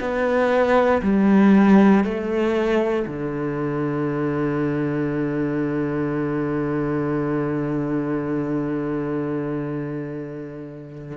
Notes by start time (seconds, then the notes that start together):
0.00 B3
1.03 G3
2.04 A3
3.07 D3